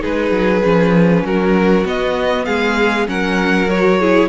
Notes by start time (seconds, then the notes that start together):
0.00 G#3 D#4 G#4 B4
0.31 F#3
0.64 F3 C#4
1.24 F#3 F#4 A#4
1.85 B3 D#5
2.46 G#3 G#4 F5
3.07 F#3 C#4 A#4 F#5
3.69 F#4 C#5
4.00 E4 G#4